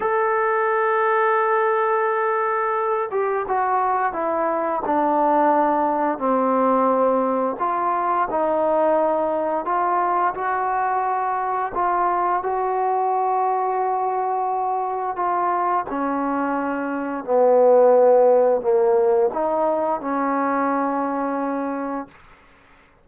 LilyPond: \new Staff \with { instrumentName = "trombone" } { \time 4/4 \tempo 4 = 87 a'1~ | a'8 g'8 fis'4 e'4 d'4~ | d'4 c'2 f'4 | dis'2 f'4 fis'4~ |
fis'4 f'4 fis'2~ | fis'2 f'4 cis'4~ | cis'4 b2 ais4 | dis'4 cis'2. | }